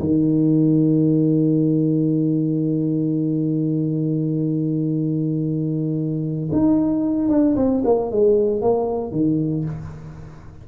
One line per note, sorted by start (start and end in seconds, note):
0.00 6.50 D#3
6.53 7.29 D#4
7.29 7.56 D4
7.57 7.83 C4
7.85 8.12 A#3
8.12 8.62 G#3
8.62 9.12 A#3
9.12 9.65 D#3